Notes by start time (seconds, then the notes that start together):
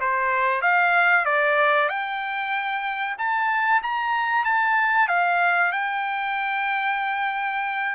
0.00 C5
0.61 F5
1.25 D5
1.88 G5
3.18 A5
3.83 A#5
4.44 A5
5.08 F5
5.72 G5